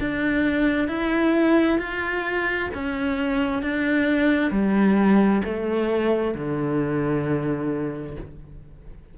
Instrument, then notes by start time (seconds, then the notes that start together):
cello
0.00 D4
0.88 E4
1.79 F4
2.74 C#4
3.62 D4
4.51 G3
5.44 A3
6.34 D3